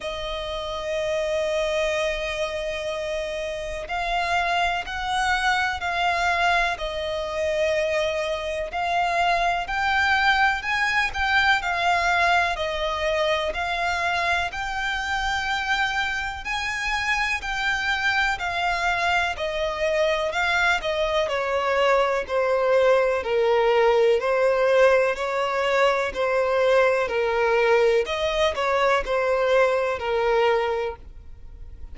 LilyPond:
\new Staff \with { instrumentName = "violin" } { \time 4/4 \tempo 4 = 62 dis''1 | f''4 fis''4 f''4 dis''4~ | dis''4 f''4 g''4 gis''8 g''8 | f''4 dis''4 f''4 g''4~ |
g''4 gis''4 g''4 f''4 | dis''4 f''8 dis''8 cis''4 c''4 | ais'4 c''4 cis''4 c''4 | ais'4 dis''8 cis''8 c''4 ais'4 | }